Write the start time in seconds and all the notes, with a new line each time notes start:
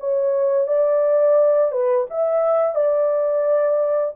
0.00 C#5
0.68 D5
1.72 B4
2.10 E5
2.75 D5